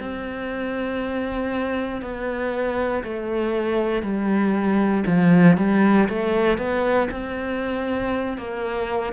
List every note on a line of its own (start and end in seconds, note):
0.00 2.01 C4
2.01 3.03 B3
3.03 4.02 A3
4.02 5.04 G3
5.06 5.57 F3
5.57 6.08 G3
6.08 6.58 A3
6.58 7.09 B3
7.10 8.38 C4
8.38 9.12 A#3